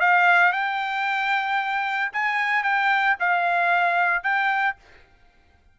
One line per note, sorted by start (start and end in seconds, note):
0.00 0.53 F5
0.53 2.12 G5
2.13 2.63 G#5
2.63 3.16 G5
3.20 4.23 F5
4.23 4.76 G5